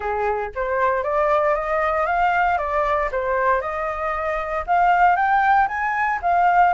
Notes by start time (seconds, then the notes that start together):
0.00 G#4
0.55 C5
1.03 D5
1.54 D#5
2.06 F5
2.57 D5
3.11 C5
3.61 D#5
4.66 F5
5.15 G5
5.68 G#5
6.22 F5